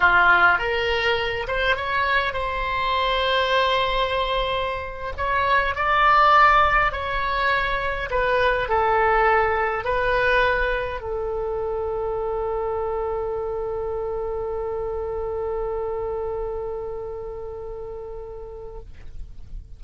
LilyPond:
\new Staff \with { instrumentName = "oboe" } { \time 4/4 \tempo 4 = 102 f'4 ais'4. c''8 cis''4 | c''1~ | c''8. cis''4 d''2 cis''16~ | cis''4.~ cis''16 b'4 a'4~ a'16~ |
a'8. b'2 a'4~ a'16~ | a'1~ | a'1~ | a'1 | }